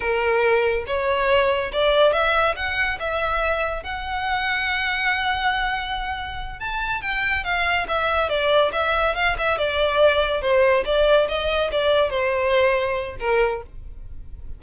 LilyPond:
\new Staff \with { instrumentName = "violin" } { \time 4/4 \tempo 4 = 141 ais'2 cis''2 | d''4 e''4 fis''4 e''4~ | e''4 fis''2.~ | fis''2.~ fis''8 a''8~ |
a''8 g''4 f''4 e''4 d''8~ | d''8 e''4 f''8 e''8 d''4.~ | d''8 c''4 d''4 dis''4 d''8~ | d''8 c''2~ c''8 ais'4 | }